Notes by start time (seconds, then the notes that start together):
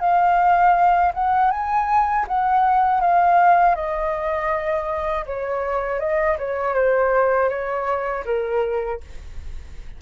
0.00 F5
1.14 F#5
1.51 G#5
2.27 F#5
3.01 F5
3.75 D#5
5.26 C#5
6.00 D#5
6.38 C#5
6.74 C5
7.49 C#5
8.25 A#4